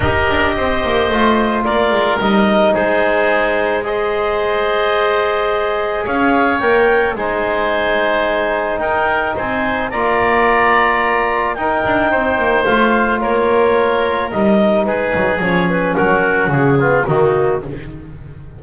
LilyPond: <<
  \new Staff \with { instrumentName = "clarinet" } { \time 4/4 \tempo 4 = 109 dis''2. d''4 | dis''4 c''2 dis''4~ | dis''2. f''4 | g''4 gis''2. |
g''4 gis''4 ais''2~ | ais''4 g''2 f''4 | cis''2 dis''4 b'4 | cis''8 b'8 ais'4 gis'4 fis'4 | }
  \new Staff \with { instrumentName = "oboe" } { \time 4/4 ais'4 c''2 ais'4~ | ais'4 gis'2 c''4~ | c''2. cis''4~ | cis''4 c''2. |
ais'4 c''4 d''2~ | d''4 ais'4 c''2 | ais'2. gis'4~ | gis'4 fis'4. f'8 dis'4 | }
  \new Staff \with { instrumentName = "trombone" } { \time 4/4 g'2 f'2 | dis'2. gis'4~ | gis'1 | ais'4 dis'2.~ |
dis'2 f'2~ | f'4 dis'2 f'4~ | f'2 dis'2 | cis'2~ cis'8 b8 ais4 | }
  \new Staff \with { instrumentName = "double bass" } { \time 4/4 dis'8 d'8 c'8 ais8 a4 ais8 gis8 | g4 gis2.~ | gis2. cis'4 | ais4 gis2. |
dis'4 c'4 ais2~ | ais4 dis'8 d'8 c'8 ais8 a4 | ais2 g4 gis8 fis8 | f4 fis4 cis4 dis4 | }
>>